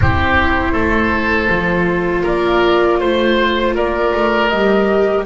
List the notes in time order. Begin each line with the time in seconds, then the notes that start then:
0.01 C4 E4 G4 C5
0.72 A3 A4
1.49 F3 F4
2.23 A#3 A#4 D5
2.99 A3 C5
3.74 A#3 A#4 D5
4.14 A3
4.48 G3 G4 D#5